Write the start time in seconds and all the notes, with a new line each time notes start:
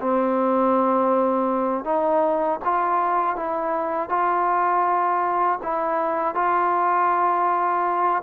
0.00 C4
1.84 D#4
2.64 F4
3.35 E4
4.09 F4
5.62 E4
6.34 F4